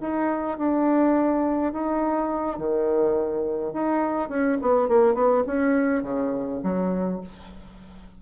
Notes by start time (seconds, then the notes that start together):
0.00 D#4
0.57 D4
1.73 D#4
2.58 D#3
3.73 D#4
4.28 C#4
4.61 B3
4.88 A#3
5.14 B3
5.46 C#4
6.03 C#3
6.63 F#3